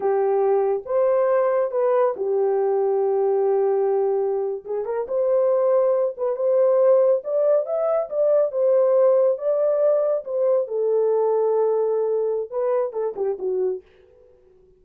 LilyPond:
\new Staff \with { instrumentName = "horn" } { \time 4/4 \tempo 4 = 139 g'2 c''2 | b'4 g'2.~ | g'2~ g'8. gis'8 ais'8 c''16~ | c''2~ c''16 b'8 c''4~ c''16~ |
c''8. d''4 e''4 d''4 c''16~ | c''4.~ c''16 d''2 c''16~ | c''8. a'2.~ a'16~ | a'4 b'4 a'8 g'8 fis'4 | }